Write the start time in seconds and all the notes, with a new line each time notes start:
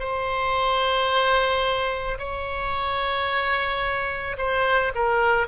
0.00 C5
2.19 C#5
4.38 C5
4.95 A#4